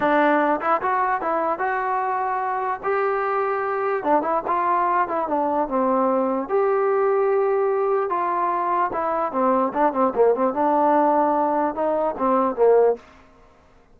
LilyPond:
\new Staff \with { instrumentName = "trombone" } { \time 4/4 \tempo 4 = 148 d'4. e'8 fis'4 e'4 | fis'2. g'4~ | g'2 d'8 e'8 f'4~ | f'8 e'8 d'4 c'2 |
g'1 | f'2 e'4 c'4 | d'8 c'8 ais8 c'8 d'2~ | d'4 dis'4 c'4 ais4 | }